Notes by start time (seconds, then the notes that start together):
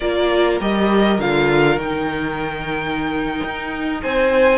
0.00 A#3 F4 A#4 D5
0.60 G3 G4 D#5
1.18 D3 F4 F5
1.76 D#3 D#4 G5
3.44 D#4
4.02 C4 C5 G#5